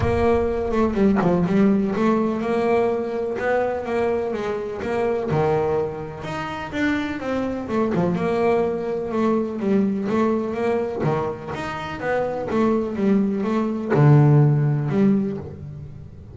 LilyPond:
\new Staff \with { instrumentName = "double bass" } { \time 4/4 \tempo 4 = 125 ais4. a8 g8 f8 g4 | a4 ais2 b4 | ais4 gis4 ais4 dis4~ | dis4 dis'4 d'4 c'4 |
a8 f8 ais2 a4 | g4 a4 ais4 dis4 | dis'4 b4 a4 g4 | a4 d2 g4 | }